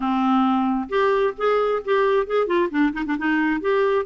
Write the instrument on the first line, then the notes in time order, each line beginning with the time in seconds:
clarinet
0.00 C4
0.89 G4
1.37 G#4
1.84 G4
2.26 G#4
2.46 F4
2.70 D4
2.93 D#4
3.06 D4
3.18 D#4
3.60 G4